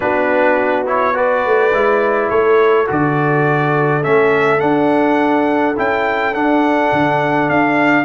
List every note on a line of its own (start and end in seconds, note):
0.00 1.45 B3
0.00 0.86 D4
0.00 1.15 F#4
0.00 0.86 B4
0.86 1.14 E4
0.86 1.16 C#5
1.14 1.71 F#4
1.14 2.30 B4
1.14 2.29 D5
1.45 1.72 A3
1.72 2.30 G#3
1.72 2.86 E4
2.29 2.88 A3
2.29 8.04 A4
2.29 2.87 C#5
2.86 4.05 D3
2.86 4.02 F#4
2.86 4.03 D5
4.03 4.61 A3
4.03 4.59 C#4
4.03 4.59 E5
4.59 5.74 D4
4.59 5.77 D4
4.59 5.75 F#5
5.76 6.34 C#4
5.76 6.34 E4
5.76 6.34 G5
6.34 6.91 D4
6.34 8.04 D4
6.34 7.49 F#5
6.92 7.49 D3
7.49 8.04 D4
7.49 8.04 F5